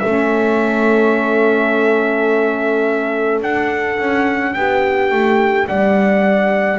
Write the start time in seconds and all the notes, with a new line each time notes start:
0.00 A3 C#4 A4 E5
3.42 D4 F#5
3.99 C#4
4.54 B3 G4 G5
5.12 A3
5.68 G3 D5 F#5